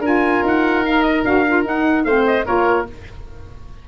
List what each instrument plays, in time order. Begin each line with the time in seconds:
0.00 tuba D4, saxophone F4, oboe A#4, trumpet G#5
0.43 tuba D#4, trumpet F#5
0.85 saxophone D#4, trumpet F5
1.03 trumpet D#5
1.25 tuba D4, saxophone F#4, trumpet F5
1.47 saxophone F4
1.65 tuba D#4, saxophone D#4, trumpet F#5
2.05 tuba A3, saxophone C4, oboe C5, trumpet F5
2.27 trumpet D#5
2.46 tuba A#3, saxophone F4, oboe A#4, trumpet C#5